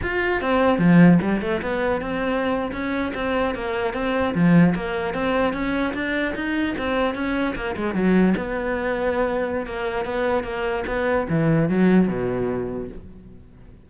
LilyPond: \new Staff \with { instrumentName = "cello" } { \time 4/4 \tempo 4 = 149 f'4 c'4 f4 g8 a8 | b4 c'4.~ c'16 cis'4 c'16~ | c'8. ais4 c'4 f4 ais16~ | ais8. c'4 cis'4 d'4 dis'16~ |
dis'8. c'4 cis'4 ais8 gis8 fis16~ | fis8. b2.~ b16 | ais4 b4 ais4 b4 | e4 fis4 b,2 | }